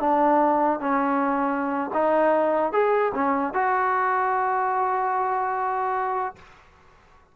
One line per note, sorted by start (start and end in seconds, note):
0.00 0.80 D4
0.80 1.91 C#4
1.94 2.72 D#4
2.72 3.12 G#4
3.14 3.53 C#4
3.53 6.35 F#4